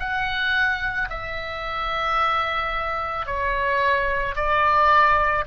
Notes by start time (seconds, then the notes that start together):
0.00 F#5
1.10 E5
3.27 C#5
4.36 D5